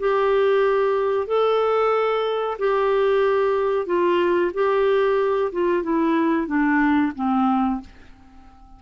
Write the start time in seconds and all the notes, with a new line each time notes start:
0.00 G4
1.27 A4
2.59 G4
3.87 F4
4.54 G4
5.53 F4
5.83 E4
6.47 D4
7.16 C4